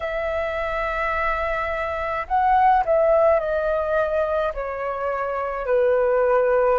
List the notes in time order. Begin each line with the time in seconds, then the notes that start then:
0.00 E5
2.27 F#5
2.85 E5
3.40 D#5
4.53 C#5
5.66 B4